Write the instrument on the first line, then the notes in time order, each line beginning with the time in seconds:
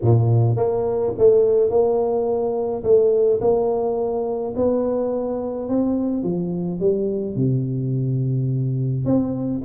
tuba
0.02 A#2
0.56 A#3
1.18 A3
1.70 A#3
2.83 A3
3.40 A#3
4.56 B3
5.69 C4
6.23 F3
6.80 G3
7.35 C3
9.05 C4